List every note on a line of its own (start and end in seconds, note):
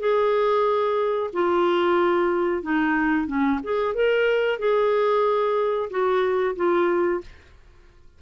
0.00 1.30 G#4
1.33 2.63 F4
2.63 3.27 D#4
3.27 3.60 C#4
3.63 3.95 G#4
3.95 4.59 A#4
4.59 5.89 G#4
5.90 6.55 F#4
6.56 7.21 F4